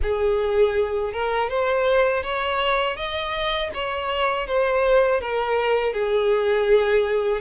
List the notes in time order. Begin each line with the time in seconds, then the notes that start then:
0.02 G#4
1.12 A#4
1.49 C5
2.23 C#5
2.96 D#5
3.74 C#5
4.47 C5
5.21 A#4
5.93 G#4